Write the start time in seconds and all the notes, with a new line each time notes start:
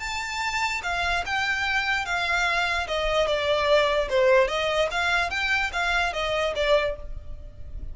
0.00 A5
0.83 F5
1.26 G5
2.06 F5
2.88 D#5
3.27 D5
4.10 C5
4.48 D#5
4.91 F5
5.30 G5
5.73 F5
6.13 D#5
6.56 D5